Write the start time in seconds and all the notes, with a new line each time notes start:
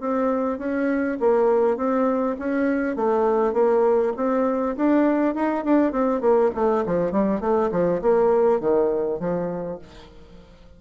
0.00 C4
0.59 C#4
1.20 A#3
1.77 C4
2.39 C#4
2.96 A3
3.53 A#3
4.17 C4
4.76 D4
5.35 D#4
5.64 D4
5.92 C4
6.21 A#3
6.55 A3
6.86 F3
7.12 G3
7.40 A3
7.71 F3
8.02 A#3
8.60 D#3
9.19 F3